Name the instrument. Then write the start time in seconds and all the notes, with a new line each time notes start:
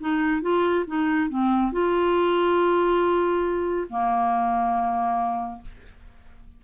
clarinet
0.00 D#4
0.42 F4
0.87 D#4
1.29 C4
1.72 F4
3.89 A#3